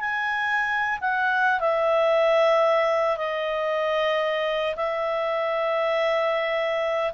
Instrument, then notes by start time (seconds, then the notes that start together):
clarinet
0.00 G#5
1.00 F#5
1.60 E5
3.18 D#5
4.76 E5